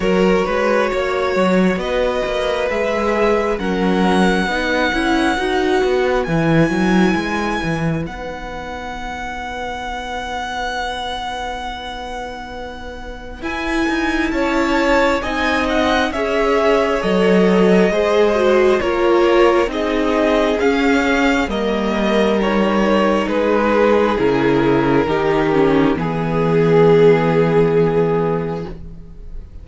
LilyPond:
<<
  \new Staff \with { instrumentName = "violin" } { \time 4/4 \tempo 4 = 67 cis''2 dis''4 e''4 | fis''2. gis''4~ | gis''4 fis''2.~ | fis''2. gis''4 |
a''4 gis''8 fis''8 e''4 dis''4~ | dis''4 cis''4 dis''4 f''4 | dis''4 cis''4 b'4 ais'4~ | ais'4 gis'2. | }
  \new Staff \with { instrumentName = "violin" } { \time 4/4 ais'8 b'8 cis''4 b'2 | ais'4 b'2.~ | b'1~ | b'1 |
cis''4 dis''4 cis''2 | c''4 ais'4 gis'2 | ais'2 gis'2 | g'4 gis'2. | }
  \new Staff \with { instrumentName = "viola" } { \time 4/4 fis'2. gis'4 | cis'4 dis'8 e'8 fis'4 e'4~ | e'4 dis'2.~ | dis'2. e'4~ |
e'4 dis'4 gis'4 a'4 | gis'8 fis'8 f'4 dis'4 cis'4 | ais4 dis'2 e'4 | dis'8 cis'8 b2. | }
  \new Staff \with { instrumentName = "cello" } { \time 4/4 fis8 gis8 ais8 fis8 b8 ais8 gis4 | fis4 b8 cis'8 dis'8 b8 e8 fis8 | gis8 e8 b2.~ | b2. e'8 dis'8 |
cis'4 c'4 cis'4 fis4 | gis4 ais4 c'4 cis'4 | g2 gis4 cis4 | dis4 e2. | }
>>